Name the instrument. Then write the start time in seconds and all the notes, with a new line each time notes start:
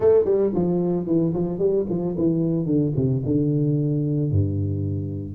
tuba
0.00 A3
0.25 G3
0.54 F3
1.06 E3
1.33 F3
1.59 G3
1.89 F3
2.17 E3
2.65 D3
2.96 C3
3.25 D3
4.31 G2